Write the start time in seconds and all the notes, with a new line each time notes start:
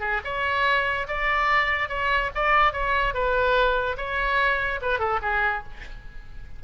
0.00 G#4
0.24 C#5
1.08 D5
1.89 C#5
2.35 D5
2.73 C#5
3.14 B4
3.97 C#5
4.82 B4
4.99 A4
5.22 G#4